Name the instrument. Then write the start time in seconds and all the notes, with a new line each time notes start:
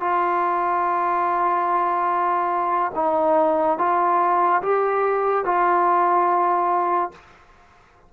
trombone
0.00 F4
2.95 D#4
3.78 F4
4.62 G4
5.45 F4